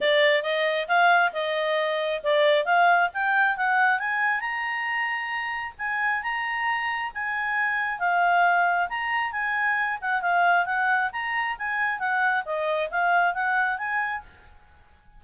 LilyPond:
\new Staff \with { instrumentName = "clarinet" } { \time 4/4 \tempo 4 = 135 d''4 dis''4 f''4 dis''4~ | dis''4 d''4 f''4 g''4 | fis''4 gis''4 ais''2~ | ais''4 gis''4 ais''2 |
gis''2 f''2 | ais''4 gis''4. fis''8 f''4 | fis''4 ais''4 gis''4 fis''4 | dis''4 f''4 fis''4 gis''4 | }